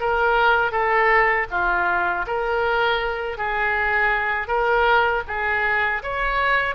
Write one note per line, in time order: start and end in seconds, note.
0.00 0.72 A#4
0.72 1.47 A4
1.51 2.26 F4
2.27 3.38 A#4
3.38 4.48 G#4
4.48 5.23 A#4
5.27 6.02 G#4
6.03 6.75 C#5